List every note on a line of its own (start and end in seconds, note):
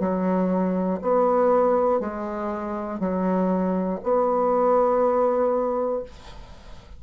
0.00 1.00 F#3
1.02 2.00 B3
2.00 3.00 G#3
3.00 4.00 F#3
4.03 6.03 B3